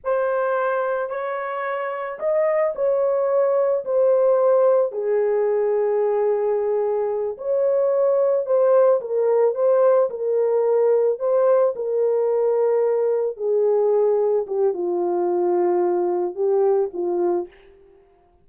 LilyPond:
\new Staff \with { instrumentName = "horn" } { \time 4/4 \tempo 4 = 110 c''2 cis''2 | dis''4 cis''2 c''4~ | c''4 gis'2.~ | gis'4. cis''2 c''8~ |
c''8 ais'4 c''4 ais'4.~ | ais'8 c''4 ais'2~ ais'8~ | ais'8 gis'2 g'8 f'4~ | f'2 g'4 f'4 | }